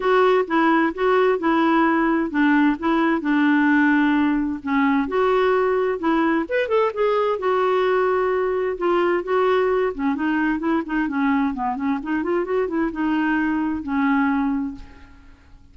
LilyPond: \new Staff \with { instrumentName = "clarinet" } { \time 4/4 \tempo 4 = 130 fis'4 e'4 fis'4 e'4~ | e'4 d'4 e'4 d'4~ | d'2 cis'4 fis'4~ | fis'4 e'4 b'8 a'8 gis'4 |
fis'2. f'4 | fis'4. cis'8 dis'4 e'8 dis'8 | cis'4 b8 cis'8 dis'8 f'8 fis'8 e'8 | dis'2 cis'2 | }